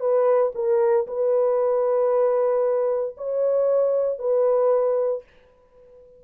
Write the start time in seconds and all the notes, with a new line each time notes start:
0.00 B4
0.55 A#4
1.07 B4
3.17 C#5
4.19 B4